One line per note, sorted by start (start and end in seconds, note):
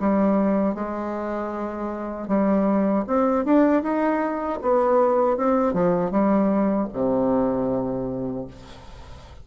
0.00 0.75 G3
0.75 2.28 G#3
2.28 3.05 G3
3.07 3.45 C4
3.45 3.83 D4
3.83 4.60 D#4
4.62 5.37 B3
5.37 5.73 C4
5.73 6.11 F3
6.11 6.88 G3
6.93 8.47 C3